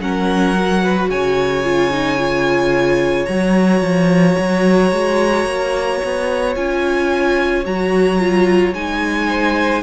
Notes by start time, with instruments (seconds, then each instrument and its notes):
0.00 cello F#3, viola C#4, violin A#4 F#5
0.56 viola F#4
0.83 violin B4
1.09 cello C#3, violin C#5 G#5
1.64 viola F4
1.91 viola D#4
2.18 viola F4
3.26 cello F#3, viola F#4, violin A#5
3.82 cello F3
4.39 cello F#3
4.92 cello G#3
5.46 cello A#3
6.05 cello B3
6.56 cello C#4, viola F4, violin G#5
7.65 cello F#3, viola F#4, violin A#5
8.20 viola F4
8.74 cello G#3, viola D#4, violin G#5
9.29 violin C5